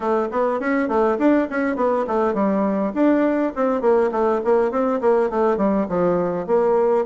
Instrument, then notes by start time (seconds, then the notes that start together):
bassoon
0.00 A3
0.31 B3
0.60 C#4
0.88 A3
1.18 D4
1.50 C#4
1.76 B3
2.07 A3
2.33 G3
2.94 D4
3.55 C4
3.81 A#3
4.11 A3
4.44 A#3
4.71 C4
5.01 A#3
5.30 A3
5.57 G3
5.89 F3
6.47 A#3